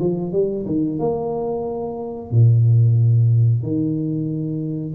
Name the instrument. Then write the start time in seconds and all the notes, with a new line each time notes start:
tuba
0.00 F3
0.32 G3
0.66 D#3
0.99 A#3
2.31 A#2
3.63 D#3